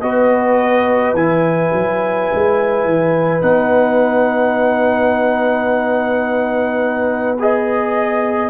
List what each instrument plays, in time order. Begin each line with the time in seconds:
0.00 tuba B3, trombone F#4, horn B4, trumpet D#5
1.13 tuba E3, trombone E4, trumpet G#5
1.73 tuba F#3
2.33 tuba G#3
2.84 tuba E3
3.41 tuba B3, trombone D#4, trumpet F#5
7.39 trombone G#4, trumpet D#5